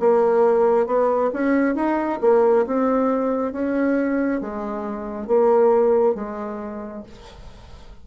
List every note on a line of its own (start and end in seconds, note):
0.00 0.87 A#3
0.87 1.31 B3
1.34 1.76 C#4
1.76 2.20 D#4
2.22 2.66 A#3
2.67 3.53 C4
3.53 4.41 C#4
4.41 5.27 G#3
5.27 6.15 A#3
6.15 7.03 G#3